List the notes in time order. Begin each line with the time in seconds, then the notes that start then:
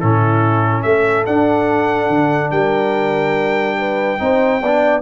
0.00 A2 C#4 E4 A4
0.82 A3 A4 E5
1.26 D4 F#5
2.09 D3
2.51 G3 A#4 G5
3.78 B4
4.19 C4 D#4 C5
4.61 B3 D4 D5